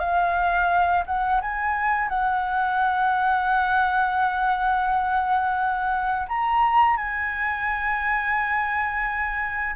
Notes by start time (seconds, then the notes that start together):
0.00 F5
1.06 F#5
1.42 G#5
2.09 F#5
6.29 A#5
6.97 G#5